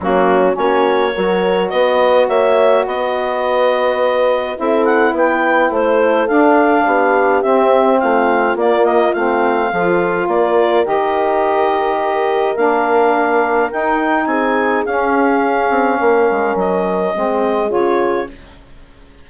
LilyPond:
<<
  \new Staff \with { instrumentName = "clarinet" } { \time 4/4 \tempo 4 = 105 fis'4 cis''2 dis''4 | e''4 dis''2. | e''8 fis''8 g''4 c''4 f''4~ | f''4 e''4 f''4 d''8 dis''8 |
f''2 d''4 dis''4~ | dis''2 f''2 | g''4 gis''4 f''2~ | f''4 dis''2 cis''4 | }
  \new Staff \with { instrumentName = "horn" } { \time 4/4 cis'4 fis'4 ais'4 b'4 | cis''4 b'2. | a'4 b'4 a'2 | g'2 f'2~ |
f'4 a'4 ais'2~ | ais'1~ | ais'4 gis'2. | ais'2 gis'2 | }
  \new Staff \with { instrumentName = "saxophone" } { \time 4/4 ais4 cis'4 fis'2~ | fis'1 | e'2. d'4~ | d'4 c'2 ais4 |
c'4 f'2 g'4~ | g'2 d'2 | dis'2 cis'2~ | cis'2 c'4 f'4 | }
  \new Staff \with { instrumentName = "bassoon" } { \time 4/4 fis4 ais4 fis4 b4 | ais4 b2. | c'4 b4 a4 d'4 | b4 c'4 a4 ais4 |
a4 f4 ais4 dis4~ | dis2 ais2 | dis'4 c'4 cis'4. c'8 | ais8 gis8 fis4 gis4 cis4 | }
>>